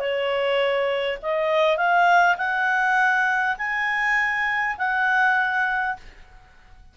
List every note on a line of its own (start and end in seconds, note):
0.00 1.19 C#5
1.23 1.77 D#5
1.77 2.37 F5
2.38 3.57 F#5
3.58 4.77 G#5
4.78 5.97 F#5